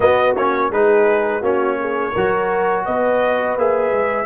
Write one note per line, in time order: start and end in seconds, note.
0.00 0.35 B3
0.00 0.36 B3
0.00 0.72 F#4
0.00 0.35 D#5
0.35 0.70 A#3
0.35 0.72 C#4
0.35 0.71 C#5
0.70 1.41 G#3
0.70 1.42 D#4
0.70 1.40 G#4
0.70 1.43 B4
1.40 2.13 A#3
1.40 2.13 C#4
1.40 1.76 F#4
1.40 2.85 C#5
1.79 2.12 G#4
2.12 2.87 F#3
2.12 3.58 F#4
2.12 2.83 A#4
2.85 3.57 B3
2.85 4.26 B4
2.85 3.56 D#5
3.57 3.91 A#3
3.57 4.26 G#4
3.57 4.26 E5
3.91 4.26 G#3